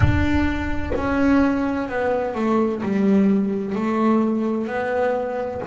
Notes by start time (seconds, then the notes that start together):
0.00 D4
0.95 C#4
1.88 B3
2.34 A3
2.82 G3
3.75 A3
4.67 B3